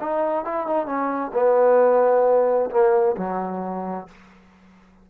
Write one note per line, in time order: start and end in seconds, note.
0.00 0.44 D#4
0.44 0.67 E4
0.67 0.86 D#4
0.86 1.31 C#4
1.33 2.70 B3
2.70 3.16 A#3
3.17 4.07 F#3